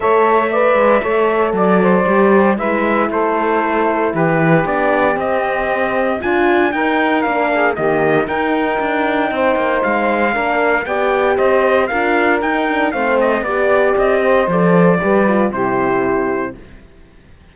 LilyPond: <<
  \new Staff \with { instrumentName = "trumpet" } { \time 4/4 \tempo 4 = 116 e''2. d''4~ | d''4 e''4 c''2 | b'4 d''4 dis''2 | gis''4 g''4 f''4 dis''4 |
g''2. f''4~ | f''4 g''4 dis''4 f''4 | g''4 f''8 dis''8 d''4 dis''4 | d''2 c''2 | }
  \new Staff \with { instrumentName = "saxophone" } { \time 4/4 cis''4 d''4 cis''4 d''8 c''8~ | c''4 b'4 a'2 | g'1 | f'4 ais'4. gis'8 g'4 |
ais'2 c''2 | ais'4 d''4 c''4 ais'4~ | ais'4 c''4 d''4. c''8~ | c''4 b'4 g'2 | }
  \new Staff \with { instrumentName = "horn" } { \time 4/4 a'4 b'4 a'2 | g'4 e'2.~ | e'4 d'4 c'2 | f'4 dis'4 d'4 ais4 |
dis'1 | d'4 g'2 f'4 | dis'8 d'8 c'4 g'2 | a'4 g'8 f'8 e'2 | }
  \new Staff \with { instrumentName = "cello" } { \time 4/4 a4. gis8 a4 fis4 | g4 gis4 a2 | e4 b4 c'2 | d'4 dis'4 ais4 dis4 |
dis'4 d'4 c'8 ais8 gis4 | ais4 b4 c'4 d'4 | dis'4 a4 b4 c'4 | f4 g4 c2 | }
>>